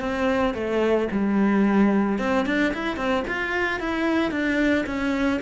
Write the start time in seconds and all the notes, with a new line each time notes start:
0.00 C4
0.54 A3
1.11 G3
2.19 C4
2.46 D4
2.74 E4
2.97 C4
3.27 F4
3.80 E4
4.31 D4
4.86 C#4